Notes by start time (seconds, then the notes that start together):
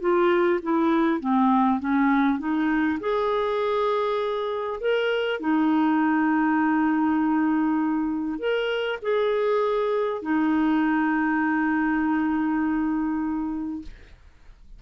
0.00 F4
0.62 E4
1.20 C4
1.79 C#4
2.39 D#4
3.00 G#4
4.80 A#4
5.40 D#4
8.39 A#4
9.02 G#4
10.22 D#4